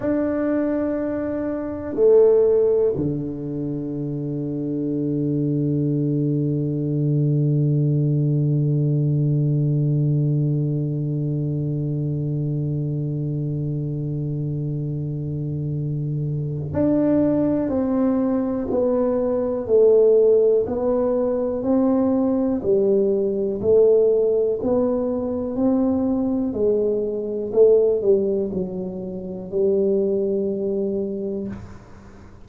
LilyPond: \new Staff \with { instrumentName = "tuba" } { \time 4/4 \tempo 4 = 61 d'2 a4 d4~ | d1~ | d1~ | d1~ |
d4 d'4 c'4 b4 | a4 b4 c'4 g4 | a4 b4 c'4 gis4 | a8 g8 fis4 g2 | }